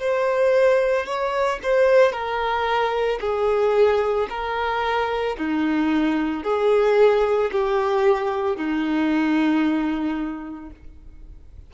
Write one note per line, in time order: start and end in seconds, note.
0.00 1.07 C5
1.07 1.60 C#5
1.63 2.13 C5
2.13 3.20 A#4
3.21 4.28 G#4
4.30 5.37 A#4
5.38 6.44 D#4
6.44 7.51 G#4
7.52 8.57 G4
8.57 10.71 D#4